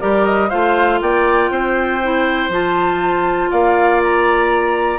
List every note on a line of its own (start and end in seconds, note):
0.00 0.52 G3
0.00 0.50 G4
0.00 0.49 A#4
0.00 0.25 D5
0.25 0.50 D#5
0.49 1.01 A3
0.49 2.00 F4
0.49 0.99 C5
0.49 1.00 F5
1.01 1.50 A#3
1.01 1.51 D5
1.01 2.51 G5
1.50 2.49 C4
1.50 3.51 C5
2.02 2.51 E4
2.49 3.49 F3
2.49 4.99 F4
2.49 3.51 A5
3.51 4.99 A#3
3.51 4.99 D5
3.51 4.01 F5
4.03 4.99 A#5